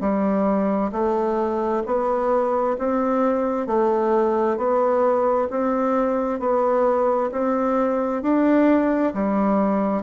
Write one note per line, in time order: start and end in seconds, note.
0.00 0.91 G3
0.92 1.83 A3
1.86 2.76 B3
2.78 3.67 C4
3.67 4.57 A3
4.57 5.48 B3
5.50 6.39 C4
6.39 7.30 B3
7.31 8.22 C4
8.22 9.13 D4
9.14 10.02 G3